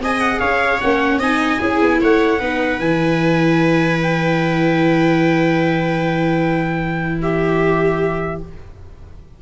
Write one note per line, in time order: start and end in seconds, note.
0.00 0.40 C4
0.00 0.82 G#4
0.00 0.40 D#5
0.00 0.21 G#5
0.21 0.40 F#5
0.40 0.81 C#4
0.40 1.20 C#5
0.40 0.80 F5
0.80 1.19 A#3
0.80 1.22 C#4
0.80 1.20 F#5
1.19 1.59 C4
1.19 1.60 D#4
1.19 1.60 D#5
1.19 2.02 G#5
1.60 1.82 C#4
1.60 2.40 E4
1.60 2.00 G#4
1.82 2.02 B3
2.01 2.41 A3
2.01 2.40 C#5
2.01 2.80 F#5
2.40 2.79 B3
2.40 2.82 D#4
2.40 7.20 B4
2.79 8.39 E3
2.79 8.43 E4
2.79 4.00 G#5
4.03 7.22 G5
7.22 8.43 G4
7.22 8.42 E5